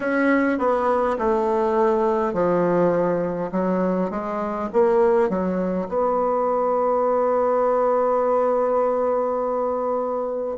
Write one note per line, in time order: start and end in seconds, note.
0.00 0.58 C#4
0.58 1.17 B3
1.18 2.33 A3
2.33 3.50 F3
3.51 4.10 F#3
4.10 4.68 G#3
4.73 5.29 A#3
5.29 5.88 F#3
5.88 10.57 B3